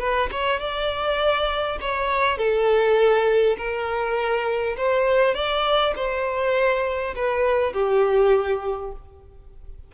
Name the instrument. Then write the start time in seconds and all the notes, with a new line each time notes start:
violin
0.00 B4
0.32 C#5
0.60 D5
1.81 C#5
2.38 A4
3.58 A#4
4.77 C5
5.35 D5
5.96 C5
7.16 B4
7.73 G4